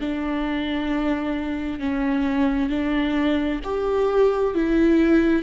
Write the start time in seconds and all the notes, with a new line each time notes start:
0.00 D4
1.79 C#4
2.69 D4
3.63 G4
4.55 E4